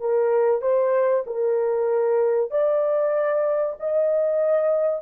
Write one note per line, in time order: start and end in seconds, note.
0.00 0.62 A#4
0.62 1.24 C5
1.26 2.51 A#4
2.51 3.76 D5
3.80 5.02 D#5